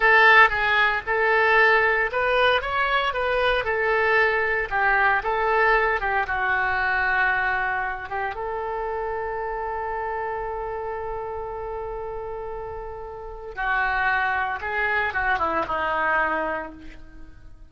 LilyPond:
\new Staff \with { instrumentName = "oboe" } { \time 4/4 \tempo 4 = 115 a'4 gis'4 a'2 | b'4 cis''4 b'4 a'4~ | a'4 g'4 a'4. g'8 | fis'2.~ fis'8 g'8 |
a'1~ | a'1~ | a'2 fis'2 | gis'4 fis'8 e'8 dis'2 | }